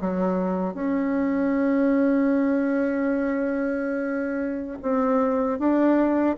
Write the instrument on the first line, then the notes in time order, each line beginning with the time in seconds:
bassoon
0.00 F#3
0.74 C#4
4.81 C4
5.58 D4